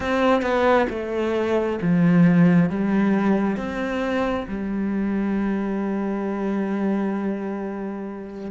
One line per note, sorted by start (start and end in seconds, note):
0.00 0.42 C4
0.42 0.87 B3
0.90 1.79 A3
1.82 2.69 F3
2.69 3.56 G3
3.56 4.46 C4
4.48 8.51 G3